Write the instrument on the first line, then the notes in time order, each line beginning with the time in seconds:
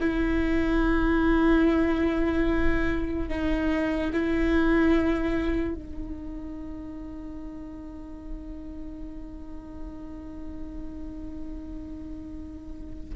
viola
0.00 E4
3.29 D#4
4.13 E4
5.74 D#4